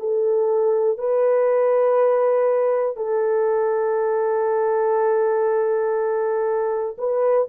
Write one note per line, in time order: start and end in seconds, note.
0.00 0.99 A4
0.99 2.96 B4
2.96 6.96 A4
6.98 7.48 B4